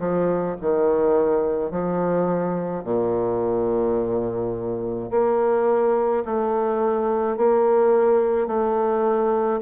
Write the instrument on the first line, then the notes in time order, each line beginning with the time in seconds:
bassoon
0.00 F3
0.62 D#3
1.71 F3
2.84 A#2
5.11 A#3
6.25 A3
7.37 A#3
8.48 A3